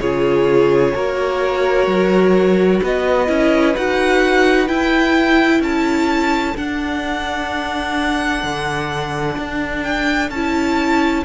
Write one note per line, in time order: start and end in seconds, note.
0.00 0.94 C#3
0.00 0.94 F4
0.00 0.94 G#4
0.00 2.81 C#5
0.94 1.87 A#3
0.94 3.27 F#4
0.94 2.81 A#4
1.87 2.80 F#3
2.83 3.28 B3
2.83 5.64 B4
2.83 3.76 D#5
3.27 3.75 C#4
3.27 3.74 E4
3.76 4.69 D#4
3.76 4.67 F#4
3.76 4.68 F#5
4.67 6.55 E4
4.67 5.60 E4
4.67 5.61 G5
5.60 6.54 C#4
5.60 11.25 A4
5.60 6.56 A5
6.55 10.30 D4
6.55 8.43 D4
6.55 9.83 F#5
8.43 9.37 D3
9.37 10.30 D4
9.83 10.30 G5
10.30 11.23 C#4
10.30 11.25 E4
10.30 11.24 A5